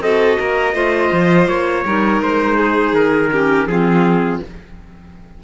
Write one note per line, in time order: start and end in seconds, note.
0.00 0.37 C4
0.00 0.74 F#4
0.00 0.38 A4
0.00 1.47 D#5
0.38 0.73 A#3
0.38 0.74 A#4
0.73 1.10 A3
0.73 1.84 F4
0.73 1.84 C5
1.12 1.48 F3
1.47 1.84 A#3
1.47 2.21 C#5
1.85 2.21 G3
1.85 3.31 D#4
1.85 2.57 A#4
2.21 2.93 G#3
2.21 2.95 C5
2.57 3.30 G#4
2.93 3.66 D#3
2.93 3.67 A#4
3.31 3.68 C#4
3.31 3.68 G4
3.66 4.39 F3
3.66 4.41 C4
3.66 4.43 F4
3.66 4.40 G#4